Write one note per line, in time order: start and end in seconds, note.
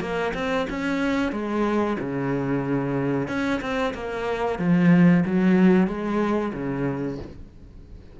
0.00 0.33 A#3
0.34 0.67 C4
0.69 1.32 C#4
1.32 1.97 G#3
2.00 3.28 C#3
3.28 3.60 C#4
3.61 3.93 C4
3.94 4.59 A#3
4.59 5.24 F3
5.25 5.87 F#3
5.87 6.52 G#3
6.53 7.18 C#3